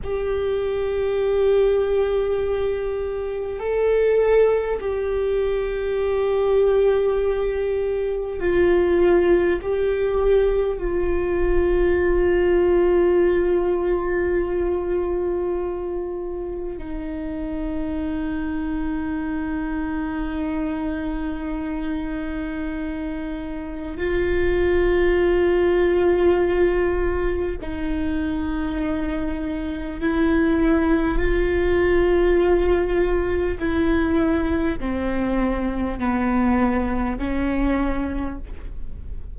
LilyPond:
\new Staff \with { instrumentName = "viola" } { \time 4/4 \tempo 4 = 50 g'2. a'4 | g'2. f'4 | g'4 f'2.~ | f'2 dis'2~ |
dis'1 | f'2. dis'4~ | dis'4 e'4 f'2 | e'4 c'4 b4 cis'4 | }